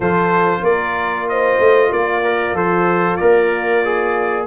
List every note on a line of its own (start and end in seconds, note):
0.00 0.62 F3
0.00 2.23 F4
0.00 0.61 A4
0.00 0.64 C5
0.62 1.58 A#3
0.62 1.26 A#4
0.62 1.28 D5
1.28 1.89 C5
1.28 1.92 D#5
1.59 1.91 A3
1.89 2.53 A#3
1.89 4.44 F4
1.89 2.56 D5
2.23 2.55 A#4
2.53 3.17 F3
2.53 3.18 A4
2.53 3.16 C5
3.16 4.47 A#3
3.16 3.83 A#4
3.16 4.44 D5
3.84 4.47 G#4